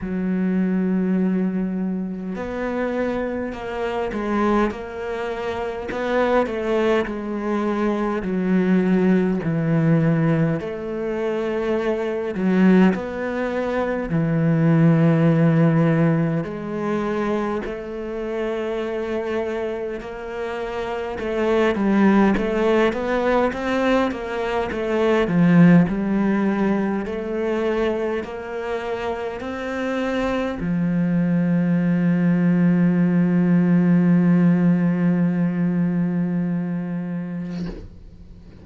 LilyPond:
\new Staff \with { instrumentName = "cello" } { \time 4/4 \tempo 4 = 51 fis2 b4 ais8 gis8 | ais4 b8 a8 gis4 fis4 | e4 a4. fis8 b4 | e2 gis4 a4~ |
a4 ais4 a8 g8 a8 b8 | c'8 ais8 a8 f8 g4 a4 | ais4 c'4 f2~ | f1 | }